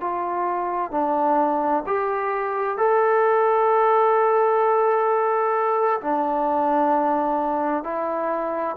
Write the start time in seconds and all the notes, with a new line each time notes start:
0.00 F4
0.91 D4
1.86 G4
2.77 A4
6.01 D4
7.83 E4